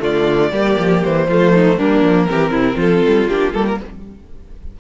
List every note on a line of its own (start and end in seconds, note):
0.00 0.52 D3
0.00 0.50 A3
0.00 0.52 F4
0.00 1.04 D5
0.52 0.77 G3
0.52 1.28 A#3
0.52 1.27 G4
0.78 1.04 F3
1.04 1.28 E3
1.04 1.79 C5
1.28 1.78 F3
1.28 1.80 A3
1.28 1.53 F4
1.54 1.78 D#4
1.78 2.03 G3
1.78 2.27 A#3
1.78 2.28 D4
1.78 2.80 A#4
2.03 2.28 F3
2.27 2.50 E3
2.27 3.28 C4
2.27 2.51 G4
2.50 2.75 C3
2.50 2.76 E4
2.76 3.02 F3
2.76 3.77 F4
2.76 3.29 A4
3.07 3.28 G3
3.28 3.54 A#3
3.28 3.54 D4
3.28 3.53 G4
3.53 3.80 G3
3.53 3.79 A#3
3.53 3.66 A4
3.67 3.80 A#4